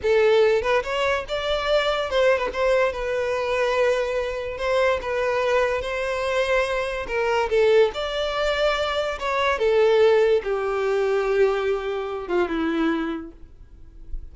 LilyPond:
\new Staff \with { instrumentName = "violin" } { \time 4/4 \tempo 4 = 144 a'4. b'8 cis''4 d''4~ | d''4 c''8. b'16 c''4 b'4~ | b'2. c''4 | b'2 c''2~ |
c''4 ais'4 a'4 d''4~ | d''2 cis''4 a'4~ | a'4 g'2.~ | g'4. f'8 e'2 | }